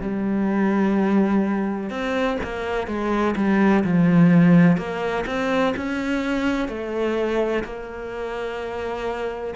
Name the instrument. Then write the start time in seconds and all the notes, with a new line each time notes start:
cello
0.00 G3
1.90 C4
2.43 A#3
2.87 G#3
3.35 G3
3.84 F3
4.77 A#3
5.26 C4
5.76 C#4
6.68 A3
7.64 A#3